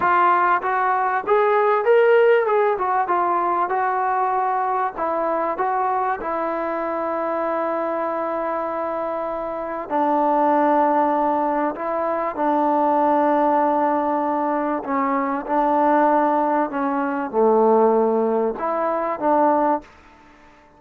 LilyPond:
\new Staff \with { instrumentName = "trombone" } { \time 4/4 \tempo 4 = 97 f'4 fis'4 gis'4 ais'4 | gis'8 fis'8 f'4 fis'2 | e'4 fis'4 e'2~ | e'1 |
d'2. e'4 | d'1 | cis'4 d'2 cis'4 | a2 e'4 d'4 | }